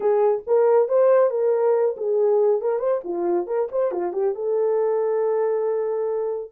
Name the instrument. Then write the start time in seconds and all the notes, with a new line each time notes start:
horn
0.00 G#4
0.47 A#4
0.88 C5
1.30 A#4
1.96 G#4
2.61 A#4
2.78 C5
3.03 F4
3.46 A#4
3.71 C5
3.91 F4
4.12 G4
4.34 A4